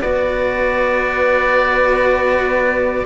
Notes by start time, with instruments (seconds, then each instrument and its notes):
0.00 cello B3 F#4, horn B4, oboe D5